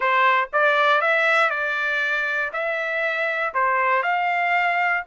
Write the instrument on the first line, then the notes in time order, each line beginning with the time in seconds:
trumpet
0.00 C5
0.52 D5
1.01 E5
1.50 D5
2.52 E5
3.53 C5
4.02 F5